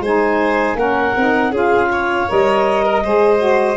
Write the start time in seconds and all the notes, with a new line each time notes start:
0.00 G#3 D#4 C5 G#5
0.75 A#3 C#4 A#4 F#5
1.16 C4 D#4
1.50 C#4 F4 G#4 F5
1.92 C#5
2.28 G3 A#4 D#5
2.84 A#4
3.04 G#3 G#4 C5
3.38 F#4